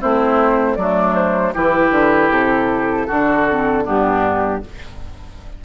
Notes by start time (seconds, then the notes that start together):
0.00 A3 C4 E4 C5
0.75 F#3 A3 D4 D5
1.14 C5
1.54 E3 E4 G4 B4
1.91 D3
2.30 C3 A4
3.06 D3 D4 F#4
3.50 C4
3.83 G2 B3 D4 G4